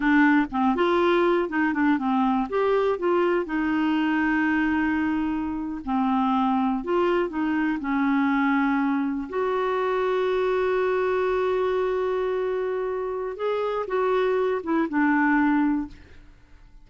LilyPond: \new Staff \with { instrumentName = "clarinet" } { \time 4/4 \tempo 4 = 121 d'4 c'8 f'4. dis'8 d'8 | c'4 g'4 f'4 dis'4~ | dis'2.~ dis'8. c'16~ | c'4.~ c'16 f'4 dis'4 cis'16~ |
cis'2~ cis'8. fis'4~ fis'16~ | fis'1~ | fis'2. gis'4 | fis'4. e'8 d'2 | }